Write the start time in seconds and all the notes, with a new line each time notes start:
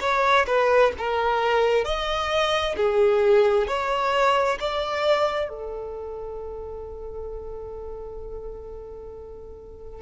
0.00 C#5
0.46 B4
0.98 A#4
1.84 D#5
2.76 G#4
3.67 C#5
4.60 D5
5.48 A4